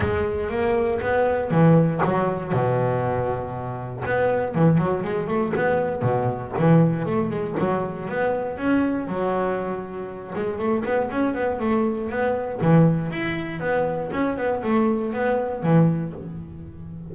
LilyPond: \new Staff \with { instrumentName = "double bass" } { \time 4/4 \tempo 4 = 119 gis4 ais4 b4 e4 | fis4 b,2. | b4 e8 fis8 gis8 a8 b4 | b,4 e4 a8 gis8 fis4 |
b4 cis'4 fis2~ | fis8 gis8 a8 b8 cis'8 b8 a4 | b4 e4 e'4 b4 | cis'8 b8 a4 b4 e4 | }